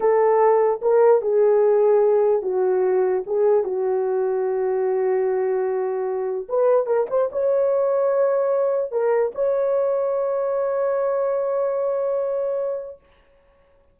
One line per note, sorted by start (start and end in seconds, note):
0.00 0.80 A4
0.81 1.21 A#4
1.21 2.42 G#4
2.42 3.23 F#4
3.26 3.63 G#4
3.63 6.47 F#4
6.49 6.86 B4
6.86 7.06 A#4
7.09 7.30 C5
7.32 8.91 C#5
8.91 9.32 A#4
9.34 12.99 C#5